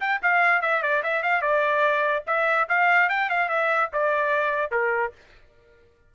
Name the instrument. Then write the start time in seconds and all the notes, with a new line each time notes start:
trumpet
0.00 G5
0.22 F5
0.62 E5
0.82 D5
1.03 E5
1.23 F5
1.41 D5
2.27 E5
2.68 F5
3.09 G5
3.29 F5
3.49 E5
3.93 D5
4.71 A#4